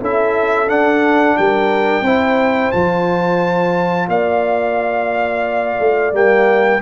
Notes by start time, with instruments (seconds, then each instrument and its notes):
0.00 tuba C#4, trombone E4, horn A4, trumpet E5
0.67 tuba D4, trombone D4, trumpet F#5
1.37 tuba G3, horn A#4, trumpet G5
2.01 tuba C4, trombone E4, horn C5
2.72 tuba F3, trombone F4, trumpet A5
4.08 tuba A#3, horn D5, trumpet F5
5.79 tuba A3
6.13 tuba G3, trombone A#3, trumpet G5